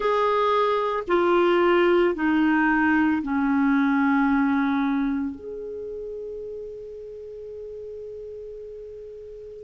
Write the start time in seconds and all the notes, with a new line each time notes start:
0.00 G#4
1.07 F4
2.14 D#4
3.22 C#4
5.35 G#4